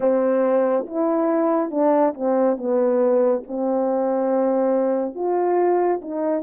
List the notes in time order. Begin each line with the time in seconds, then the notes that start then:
0.00 C4
0.86 E4
1.70 D4
2.14 C4
2.57 B3
3.47 C4
5.14 F4
6.01 D#4